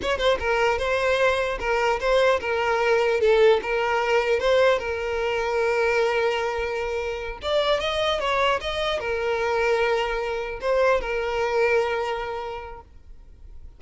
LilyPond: \new Staff \with { instrumentName = "violin" } { \time 4/4 \tempo 4 = 150 cis''8 c''8 ais'4 c''2 | ais'4 c''4 ais'2 | a'4 ais'2 c''4 | ais'1~ |
ais'2~ ais'8 d''4 dis''8~ | dis''8 cis''4 dis''4 ais'4.~ | ais'2~ ais'8 c''4 ais'8~ | ais'1 | }